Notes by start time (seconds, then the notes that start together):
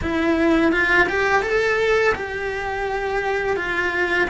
0.01 E4
0.71 F4
1.08 G4
1.42 A4
2.14 G4
3.56 F4